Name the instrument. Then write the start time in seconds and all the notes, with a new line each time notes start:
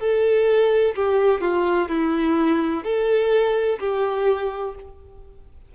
violin
0.00 A4
0.96 G4
1.42 F4
1.89 E4
2.84 A4
3.80 G4